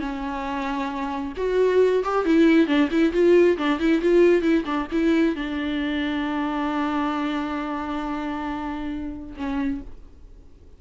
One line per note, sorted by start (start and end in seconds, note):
0.00 1.33 C#4
1.37 2.04 F#4
2.04 2.26 G4
2.26 2.67 E4
2.67 2.89 D4
2.91 3.13 E4
3.13 3.58 F4
3.58 3.80 D4
3.80 4.02 E4
4.02 4.42 F4
4.42 4.64 E4
4.65 4.87 D4
4.92 5.36 E4
5.36 9.36 D4
9.37 9.81 C#4